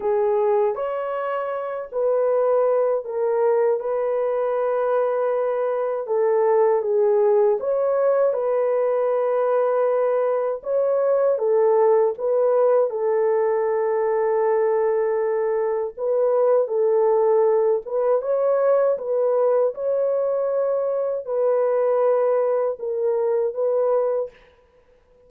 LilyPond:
\new Staff \with { instrumentName = "horn" } { \time 4/4 \tempo 4 = 79 gis'4 cis''4. b'4. | ais'4 b'2. | a'4 gis'4 cis''4 b'4~ | b'2 cis''4 a'4 |
b'4 a'2.~ | a'4 b'4 a'4. b'8 | cis''4 b'4 cis''2 | b'2 ais'4 b'4 | }